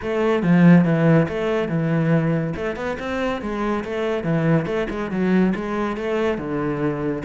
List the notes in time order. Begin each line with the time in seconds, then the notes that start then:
0.02 A3
0.42 F3
0.84 E3
1.28 A3
1.68 E3
2.56 A3
2.75 B3
2.99 C4
3.41 G#3
3.84 A3
4.23 E3
4.66 A3
4.90 G#3
5.10 F#3
5.55 G#3
5.96 A3
6.37 D3